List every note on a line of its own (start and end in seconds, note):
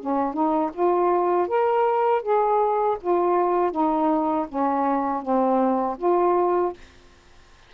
0.00 0.33 C#4
0.33 0.71 D#4
0.73 1.48 F4
1.48 2.22 A#4
2.22 2.97 G#4
3.01 3.72 F4
3.72 4.47 D#4
4.48 5.22 C#4
5.22 5.97 C4
5.98 6.73 F4